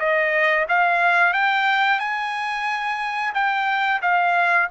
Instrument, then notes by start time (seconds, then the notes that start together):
trumpet
0.00 D#5
0.69 F5
1.34 G5
2.00 G#5
3.35 G5
4.02 F5